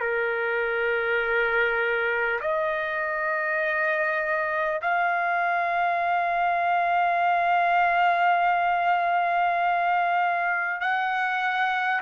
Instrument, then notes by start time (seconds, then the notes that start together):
trumpet
0.00 A#4
2.40 D#5
4.81 F5
10.81 F#5